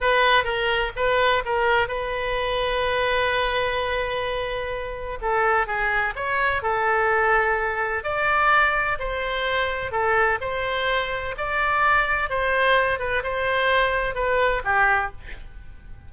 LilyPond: \new Staff \with { instrumentName = "oboe" } { \time 4/4 \tempo 4 = 127 b'4 ais'4 b'4 ais'4 | b'1~ | b'2. a'4 | gis'4 cis''4 a'2~ |
a'4 d''2 c''4~ | c''4 a'4 c''2 | d''2 c''4. b'8 | c''2 b'4 g'4 | }